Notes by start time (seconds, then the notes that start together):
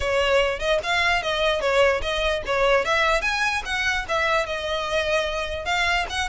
0.00 C#5
0.59 D#5
0.83 F5
1.22 D#5
1.60 C#5
2.02 D#5
2.46 C#5
2.84 E5
3.21 G#5
3.65 F#5
4.08 E5
4.46 D#5
5.65 F5
6.09 F#5